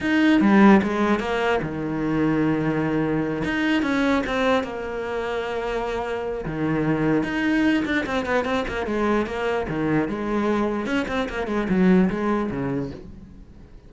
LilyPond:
\new Staff \with { instrumentName = "cello" } { \time 4/4 \tempo 4 = 149 dis'4 g4 gis4 ais4 | dis1~ | dis8 dis'4 cis'4 c'4 ais8~ | ais1 |
dis2 dis'4. d'8 | c'8 b8 c'8 ais8 gis4 ais4 | dis4 gis2 cis'8 c'8 | ais8 gis8 fis4 gis4 cis4 | }